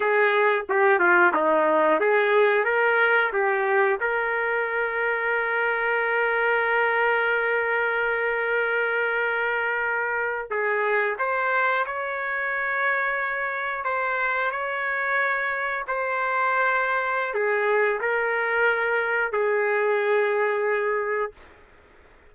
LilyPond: \new Staff \with { instrumentName = "trumpet" } { \time 4/4 \tempo 4 = 90 gis'4 g'8 f'8 dis'4 gis'4 | ais'4 g'4 ais'2~ | ais'1~ | ais'2.~ ais'8. gis'16~ |
gis'8. c''4 cis''2~ cis''16~ | cis''8. c''4 cis''2 c''16~ | c''2 gis'4 ais'4~ | ais'4 gis'2. | }